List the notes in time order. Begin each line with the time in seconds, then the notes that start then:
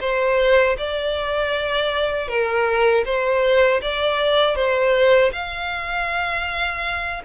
0.00 C5
0.77 D5
2.28 A#4
3.04 C5
3.81 D5
4.55 C5
5.32 F5